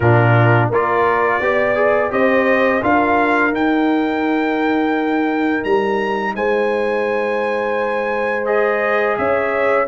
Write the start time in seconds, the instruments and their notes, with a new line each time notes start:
0.00 tuba A#2, trombone D4, horn F4, trumpet A#4
0.69 tuba A#3, trombone F4, horn A#4, trumpet D5
1.40 tuba B3, trombone G4, horn D5
1.75 trombone G#4
2.10 tuba C4, trombone G4, horn C5, trumpet D#5
2.82 tuba D4, trombone F4, horn A#4, trumpet F5
3.51 trombone D#4, tuba D#4, trumpet G5
5.64 tuba G3, trumpet A#5
6.35 tuba G#3, horn C5, trumpet G#5
8.45 trombone G#4, trumpet D#5
9.17 tuba C#4, horn C#5, trumpet E5